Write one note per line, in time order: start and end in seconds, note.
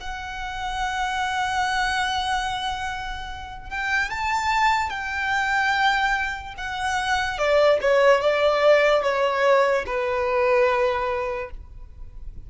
0.00 3.70 F#5
3.70 4.10 G5
4.10 4.90 A5
4.90 6.54 G5
6.57 7.38 F#5
7.38 7.79 D5
7.81 8.21 C#5
8.21 9.03 D5
9.03 9.85 C#5
9.86 11.50 B4